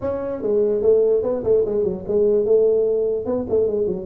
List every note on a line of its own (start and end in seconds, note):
0.01 0.42 C#4
0.42 0.82 G#3
0.82 1.22 A3
1.22 1.43 B3
1.43 1.64 A3
1.65 1.84 G#3
1.84 2.04 F#3
2.07 2.45 G#3
2.45 3.25 A3
3.25 3.46 B3
3.49 3.67 A3
3.67 3.86 G#3
3.86 4.06 F#3